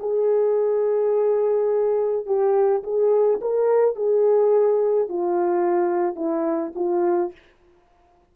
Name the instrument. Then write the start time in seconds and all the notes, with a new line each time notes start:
horn
0.00 G#4
2.26 G4
2.84 G#4
3.41 A#4
3.96 G#4
5.09 F4
6.16 E4
6.76 F4